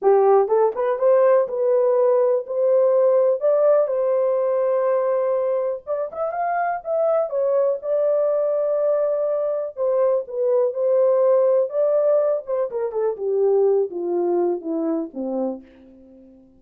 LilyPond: \new Staff \with { instrumentName = "horn" } { \time 4/4 \tempo 4 = 123 g'4 a'8 b'8 c''4 b'4~ | b'4 c''2 d''4 | c''1 | d''8 e''8 f''4 e''4 cis''4 |
d''1 | c''4 b'4 c''2 | d''4. c''8 ais'8 a'8 g'4~ | g'8 f'4. e'4 c'4 | }